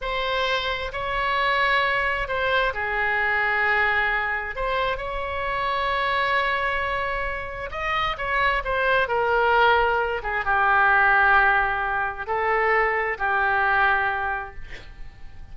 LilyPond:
\new Staff \with { instrumentName = "oboe" } { \time 4/4 \tempo 4 = 132 c''2 cis''2~ | cis''4 c''4 gis'2~ | gis'2 c''4 cis''4~ | cis''1~ |
cis''4 dis''4 cis''4 c''4 | ais'2~ ais'8 gis'8 g'4~ | g'2. a'4~ | a'4 g'2. | }